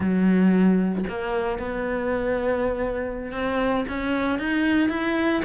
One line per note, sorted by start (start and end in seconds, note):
0.00 1.04 F#3
1.08 1.59 A#3
1.59 3.31 B3
3.31 3.84 C4
3.88 4.38 C#4
4.38 4.89 D#4
4.89 5.42 E4